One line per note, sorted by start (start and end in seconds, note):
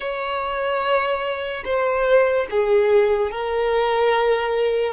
0.00 1.63 C#5
1.64 2.47 C5
2.50 3.31 G#4
3.31 4.93 A#4